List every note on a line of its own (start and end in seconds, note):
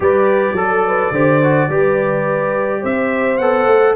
0.00 0.52 G3
0.00 0.56 G4
0.00 0.55 B4
0.00 2.84 D5
0.52 1.09 F#3
0.52 0.83 A4
0.52 1.13 A4
0.87 1.13 B4
1.11 1.68 D3
1.11 1.42 G4
1.11 1.69 C5
1.43 1.70 F#4
1.68 2.82 G3
1.68 3.39 G4
1.68 2.80 B4
2.80 3.39 C4
2.80 3.94 C5
2.80 3.37 E5
3.37 3.66 B3
3.37 3.95 A4
3.37 3.94 F#5
3.66 3.94 A3